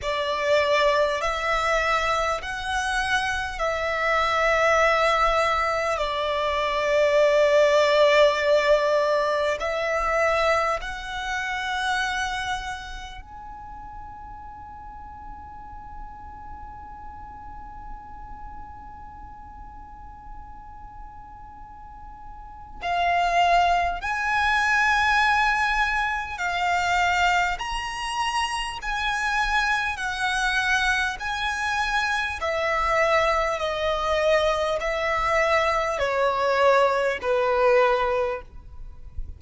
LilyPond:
\new Staff \with { instrumentName = "violin" } { \time 4/4 \tempo 4 = 50 d''4 e''4 fis''4 e''4~ | e''4 d''2. | e''4 fis''2 gis''4~ | gis''1~ |
gis''2. f''4 | gis''2 f''4 ais''4 | gis''4 fis''4 gis''4 e''4 | dis''4 e''4 cis''4 b'4 | }